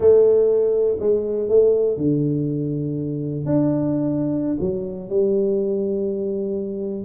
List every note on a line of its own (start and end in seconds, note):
0.00 0.98 A3
0.99 1.49 G#3
1.49 1.97 A3
1.97 3.45 D3
3.45 4.57 D4
4.60 5.09 F#3
5.09 7.04 G3